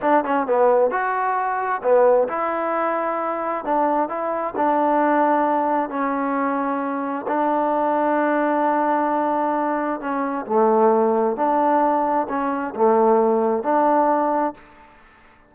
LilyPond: \new Staff \with { instrumentName = "trombone" } { \time 4/4 \tempo 4 = 132 d'8 cis'8 b4 fis'2 | b4 e'2. | d'4 e'4 d'2~ | d'4 cis'2. |
d'1~ | d'2 cis'4 a4~ | a4 d'2 cis'4 | a2 d'2 | }